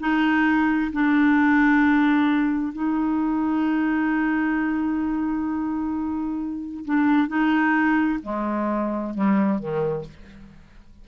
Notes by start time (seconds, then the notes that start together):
0.00 D#4
0.93 D4
2.73 D#4
6.85 D4
7.28 D#4
8.23 G#3
9.14 G3
9.59 D#3